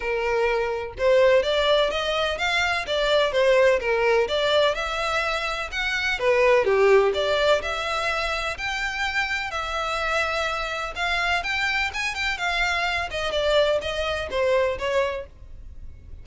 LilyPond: \new Staff \with { instrumentName = "violin" } { \time 4/4 \tempo 4 = 126 ais'2 c''4 d''4 | dis''4 f''4 d''4 c''4 | ais'4 d''4 e''2 | fis''4 b'4 g'4 d''4 |
e''2 g''2 | e''2. f''4 | g''4 gis''8 g''8 f''4. dis''8 | d''4 dis''4 c''4 cis''4 | }